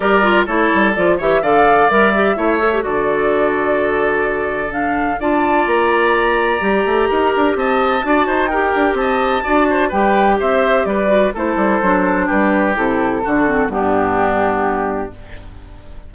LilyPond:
<<
  \new Staff \with { instrumentName = "flute" } { \time 4/4 \tempo 4 = 127 d''4 cis''4 d''8 e''8 f''4 | e''2 d''2~ | d''2 f''4 a''4 | ais''1 |
a''2 g''4 a''4~ | a''4 g''4 e''4 d''4 | c''2 b'4 a'4~ | a'4 g'2. | }
  \new Staff \with { instrumentName = "oboe" } { \time 4/4 ais'4 a'4. cis''8 d''4~ | d''4 cis''4 a'2~ | a'2. d''4~ | d''2. ais'4 |
dis''4 d''8 c''8 ais'4 dis''4 | d''8 c''8 b'4 c''4 b'4 | a'2 g'2 | fis'4 d'2. | }
  \new Staff \with { instrumentName = "clarinet" } { \time 4/4 g'8 f'8 e'4 f'8 g'8 a'4 | ais'8 g'8 e'8 a'16 g'16 fis'2~ | fis'2 d'4 f'4~ | f'2 g'2~ |
g'4 fis'4 g'2 | fis'4 g'2~ g'8 fis'8 | e'4 d'2 e'4 | d'8 c'8 b2. | }
  \new Staff \with { instrumentName = "bassoon" } { \time 4/4 g4 a8 g8 f8 e8 d4 | g4 a4 d2~ | d2. d'4 | ais2 g8 a8 dis'8 d'8 |
c'4 d'8 dis'4 d'8 c'4 | d'4 g4 c'4 g4 | a8 g8 fis4 g4 c4 | d4 g,2. | }
>>